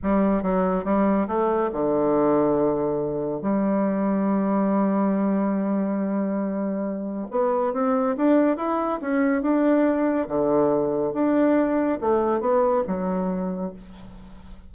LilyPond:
\new Staff \with { instrumentName = "bassoon" } { \time 4/4 \tempo 4 = 140 g4 fis4 g4 a4 | d1 | g1~ | g1~ |
g4 b4 c'4 d'4 | e'4 cis'4 d'2 | d2 d'2 | a4 b4 fis2 | }